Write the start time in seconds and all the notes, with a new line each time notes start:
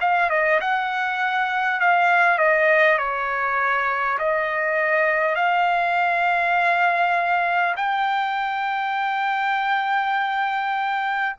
0.00 F5
0.29 D#5
0.61 F#5
1.80 F5
2.38 D#5
2.98 C#5
4.18 D#5
5.35 F5
7.76 G5